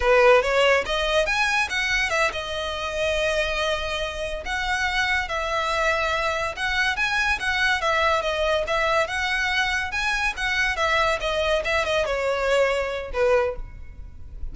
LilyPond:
\new Staff \with { instrumentName = "violin" } { \time 4/4 \tempo 4 = 142 b'4 cis''4 dis''4 gis''4 | fis''4 e''8 dis''2~ dis''8~ | dis''2~ dis''8 fis''4.~ | fis''8 e''2. fis''8~ |
fis''8 gis''4 fis''4 e''4 dis''8~ | dis''8 e''4 fis''2 gis''8~ | gis''8 fis''4 e''4 dis''4 e''8 | dis''8 cis''2~ cis''8 b'4 | }